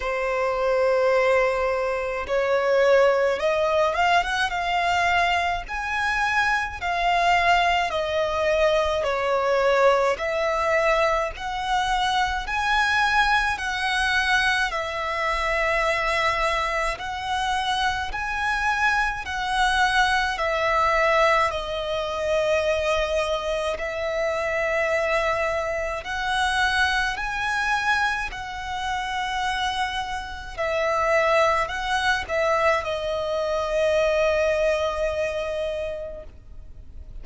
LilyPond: \new Staff \with { instrumentName = "violin" } { \time 4/4 \tempo 4 = 53 c''2 cis''4 dis''8 f''16 fis''16 | f''4 gis''4 f''4 dis''4 | cis''4 e''4 fis''4 gis''4 | fis''4 e''2 fis''4 |
gis''4 fis''4 e''4 dis''4~ | dis''4 e''2 fis''4 | gis''4 fis''2 e''4 | fis''8 e''8 dis''2. | }